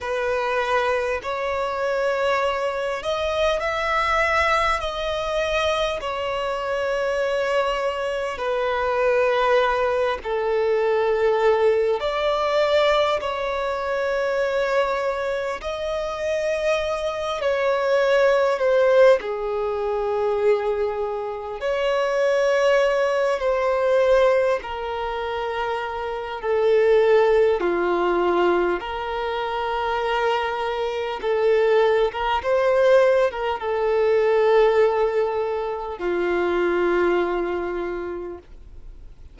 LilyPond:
\new Staff \with { instrumentName = "violin" } { \time 4/4 \tempo 4 = 50 b'4 cis''4. dis''8 e''4 | dis''4 cis''2 b'4~ | b'8 a'4. d''4 cis''4~ | cis''4 dis''4. cis''4 c''8 |
gis'2 cis''4. c''8~ | c''8 ais'4. a'4 f'4 | ais'2 a'8. ais'16 c''8. ais'16 | a'2 f'2 | }